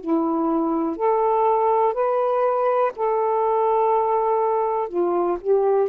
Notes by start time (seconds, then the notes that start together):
0.00 E4
0.96 A4
1.93 B4
2.96 A4
4.88 F4
5.41 G4